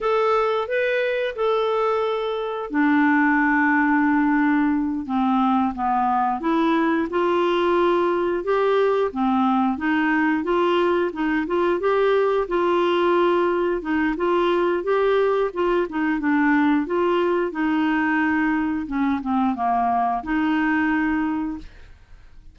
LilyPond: \new Staff \with { instrumentName = "clarinet" } { \time 4/4 \tempo 4 = 89 a'4 b'4 a'2 | d'2.~ d'8 c'8~ | c'8 b4 e'4 f'4.~ | f'8 g'4 c'4 dis'4 f'8~ |
f'8 dis'8 f'8 g'4 f'4.~ | f'8 dis'8 f'4 g'4 f'8 dis'8 | d'4 f'4 dis'2 | cis'8 c'8 ais4 dis'2 | }